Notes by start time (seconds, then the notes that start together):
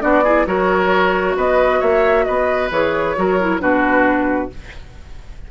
0.00 B3 D4 F#4 D5
0.24 E4 G#4
0.46 F#3 F#4 A#4 C#5
1.36 B3 B4 D#5
1.79 A#3 C#5 E5
2.24 B3 B4 D#5
2.70 E3 G#4 C#5
3.15 F#3 F#4 A#4
3.40 E4
3.59 B2 D4 F#4 B4